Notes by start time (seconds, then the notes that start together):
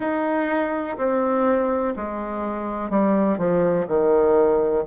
0.00 D#4
0.97 C4
1.96 G#3
2.89 G3
3.38 F3
3.87 D#3